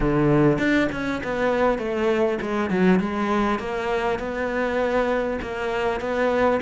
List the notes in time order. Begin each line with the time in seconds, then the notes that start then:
0.00 D3
0.58 D4
0.92 C#4
1.23 B3
1.78 A3
2.41 G#3
2.70 F#3
2.99 G#3
3.59 A#3
4.19 B3
5.41 A#3
6.00 B3